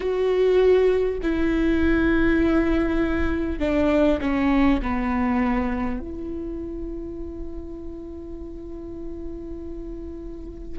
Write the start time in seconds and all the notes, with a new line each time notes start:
0.00 F#4
1.22 E4
3.59 D4
4.20 C#4
4.82 B3
5.99 E4